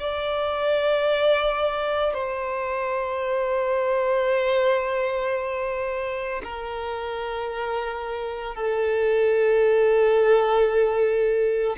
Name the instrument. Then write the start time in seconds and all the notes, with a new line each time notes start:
violin
0.00 D5
2.14 C5
6.44 A#4
8.56 A4